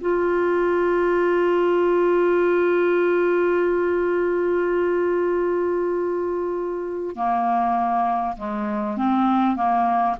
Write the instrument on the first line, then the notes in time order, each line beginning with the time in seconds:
clarinet
0.00 F4
7.16 A#3
8.37 G#3
8.97 C4
9.56 A#3